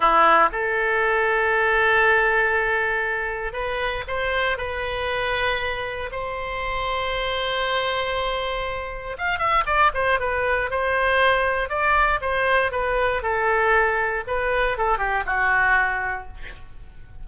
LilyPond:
\new Staff \with { instrumentName = "oboe" } { \time 4/4 \tempo 4 = 118 e'4 a'2.~ | a'2. b'4 | c''4 b'2. | c''1~ |
c''2 f''8 e''8 d''8 c''8 | b'4 c''2 d''4 | c''4 b'4 a'2 | b'4 a'8 g'8 fis'2 | }